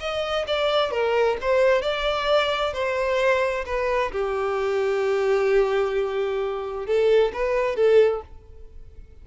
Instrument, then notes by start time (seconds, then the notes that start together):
violin
0.00 D#5
0.47 D5
0.91 A#4
1.42 C5
1.82 D5
2.74 C5
3.66 B4
4.12 G4
6.86 A4
7.33 B4
7.76 A4